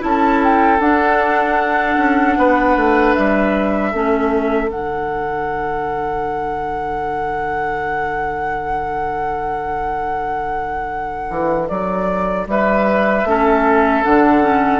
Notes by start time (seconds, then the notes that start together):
0.00 C#4 E4 A5
0.08 A4
0.44 G5
0.80 D4 F#5
1.97 C#4
2.38 B3 B4
2.77 A3
3.15 G3 E5
3.92 A3 C#4 A4
4.68 D3 D4 F#5
11.31 E3
11.69 F#3 D5
12.47 G3 B4 E5
13.25 A3 C#4 A4
14.04 D3 D4 F#5
14.42 C#4